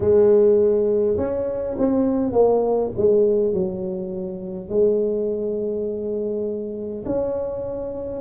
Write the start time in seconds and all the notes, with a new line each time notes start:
0.00 G#3
1.17 C#4
1.78 C4
2.32 A#3
2.97 G#3
3.53 F#3
4.69 G#3
7.05 C#4